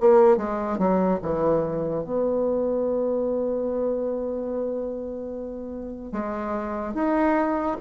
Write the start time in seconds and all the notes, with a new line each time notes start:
0.00 A#3
0.37 G#3
0.78 F#3
1.22 E3
2.04 B3
6.12 G#3
6.94 D#4